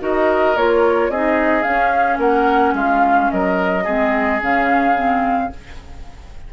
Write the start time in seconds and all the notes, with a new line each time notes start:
0.00 D#4 F#4 A#4 D#5
0.56 A#3 F4 C#5
1.09 C4 D#4 G#4 D#5
1.63 C#4 F5
2.18 A#3 A#4 F#5
2.73 G#3 F4 F5
3.31 F#3 A#4 D#5
3.84 G#3 C4 G#4
4.41 C#3 C#4 F5
4.95 C4